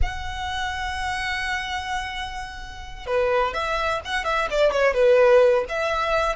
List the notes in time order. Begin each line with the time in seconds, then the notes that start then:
0.02 F#5
3.06 B4
3.53 E5
4.05 F#5
4.24 E5
4.50 D5
4.71 C#5
4.94 B4
5.68 E5